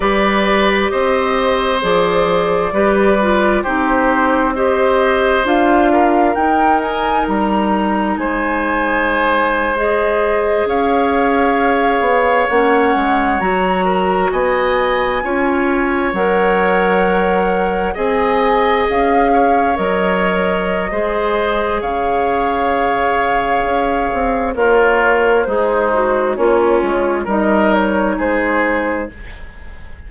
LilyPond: <<
  \new Staff \with { instrumentName = "flute" } { \time 4/4 \tempo 4 = 66 d''4 dis''4 d''2 | c''4 dis''4 f''4 g''8 gis''8 | ais''4 gis''4.~ gis''16 dis''4 f''16~ | f''4.~ f''16 fis''4 ais''4 gis''16~ |
gis''4.~ gis''16 fis''2 gis''16~ | gis''8. f''4 dis''2~ dis''16 | f''2. cis''4 | c''4 cis''4 dis''8 cis''8 c''4 | }
  \new Staff \with { instrumentName = "oboe" } { \time 4/4 b'4 c''2 b'4 | g'4 c''4. ais'4.~ | ais'4 c''2~ c''8. cis''16~ | cis''2.~ cis''16 ais'8 dis''16~ |
dis''8. cis''2. dis''16~ | dis''4~ dis''16 cis''4.~ cis''16 c''4 | cis''2. f'4 | dis'4 cis'4 ais'4 gis'4 | }
  \new Staff \with { instrumentName = "clarinet" } { \time 4/4 g'2 gis'4 g'8 f'8 | dis'4 g'4 f'4 dis'4~ | dis'2~ dis'8. gis'4~ gis'16~ | gis'4.~ gis'16 cis'4 fis'4~ fis'16~ |
fis'8. f'4 ais'2 gis'16~ | gis'4.~ gis'16 ais'4~ ais'16 gis'4~ | gis'2. ais'4 | gis'8 fis'8 f'4 dis'2 | }
  \new Staff \with { instrumentName = "bassoon" } { \time 4/4 g4 c'4 f4 g4 | c'2 d'4 dis'4 | g4 gis2~ gis8. cis'16~ | cis'4~ cis'16 b8 ais8 gis8 fis4 b16~ |
b8. cis'4 fis2 c'16~ | c'8. cis'4 fis4~ fis16 gis4 | cis2 cis'8 c'8 ais4 | gis4 ais8 gis8 g4 gis4 | }
>>